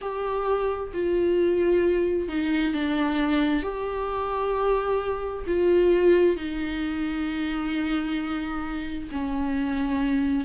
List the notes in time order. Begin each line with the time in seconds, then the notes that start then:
0.01 G4
0.93 F4
2.28 D#4
2.73 D4
3.62 G4
5.47 F4
6.36 D#4
9.11 C#4